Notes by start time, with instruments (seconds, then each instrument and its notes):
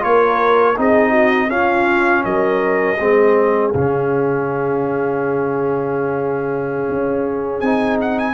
0.00 tuba A#3, trombone F4, horn A#4, trumpet C#5
0.77 tuba C4, trombone D#4, horn G#4, trumpet D#5
1.10 horn F#4
1.49 trombone C#4, tuba C#4, horn F4, trumpet F5
2.24 tuba F#3, horn A#4, trumpet D#5
2.99 tuba G#3, trombone C4, horn G#4
3.71 tuba C#3, trombone C#4, trumpet F5
6.89 tuba C#4
7.60 tuba C4, trombone D#4, trumpet G#5
8.01 trumpet F#5
8.19 trumpet G#5